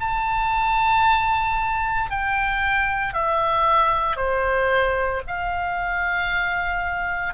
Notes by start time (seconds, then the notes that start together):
0.00 A5
2.10 G5
3.13 E5
4.16 C5
5.27 F5